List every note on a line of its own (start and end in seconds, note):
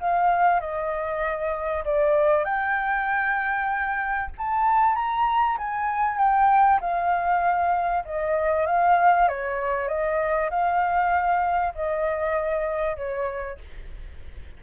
0.00 0.60 F5
0.60 1.84 D#5
1.85 2.45 D5
2.45 4.30 G5
4.38 4.96 A5
4.96 5.58 A#5
5.58 6.18 G#5
6.18 6.80 G5
6.81 8.04 F5
8.05 8.66 D#5
8.66 9.28 F5
9.28 9.88 C#5
9.88 10.50 D#5
10.50 11.74 F5
11.75 12.96 D#5
12.96 13.58 C#5